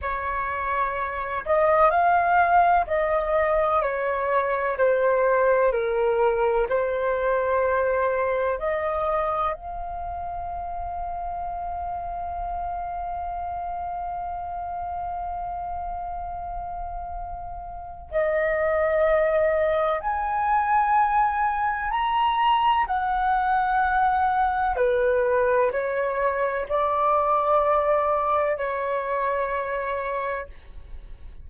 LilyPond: \new Staff \with { instrumentName = "flute" } { \time 4/4 \tempo 4 = 63 cis''4. dis''8 f''4 dis''4 | cis''4 c''4 ais'4 c''4~ | c''4 dis''4 f''2~ | f''1~ |
f''2. dis''4~ | dis''4 gis''2 ais''4 | fis''2 b'4 cis''4 | d''2 cis''2 | }